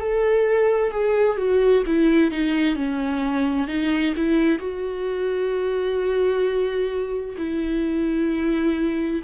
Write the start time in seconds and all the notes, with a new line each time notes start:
0.00 A4
0.91 G#4
1.37 F#4
1.86 E4
2.31 D#4
2.76 C#4
3.68 D#4
4.16 E4
4.59 F#4
7.38 E4